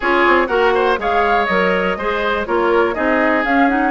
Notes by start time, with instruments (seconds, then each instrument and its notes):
0.00 bassoon C#4, clarinet F4, oboe G#4, flute C#5
0.26 bassoon C4
0.47 bassoon A#3, clarinet F#4, oboe A#4, flute F#5
0.74 oboe C5
0.97 bassoon G#3, clarinet G#4, oboe C#5, flute F5
1.45 bassoon F#3, clarinet A#4, flute D#5
1.96 bassoon G#3, clarinet G#4, oboe C5
2.45 bassoon A#3, clarinet F4, oboe A#4, flute C#5
2.94 bassoon C4, clarinet D#4, oboe G#4, flute D#5
3.44 bassoon C#4, clarinet C#4, flute F5
3.68 clarinet D#4, flute F#5